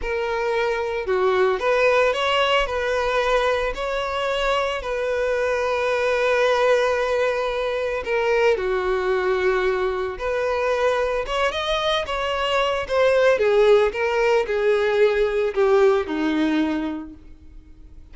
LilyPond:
\new Staff \with { instrumentName = "violin" } { \time 4/4 \tempo 4 = 112 ais'2 fis'4 b'4 | cis''4 b'2 cis''4~ | cis''4 b'2.~ | b'2. ais'4 |
fis'2. b'4~ | b'4 cis''8 dis''4 cis''4. | c''4 gis'4 ais'4 gis'4~ | gis'4 g'4 dis'2 | }